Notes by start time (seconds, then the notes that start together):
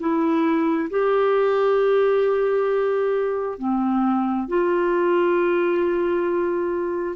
0.00 E4
0.90 G4
3.59 C4
4.48 F4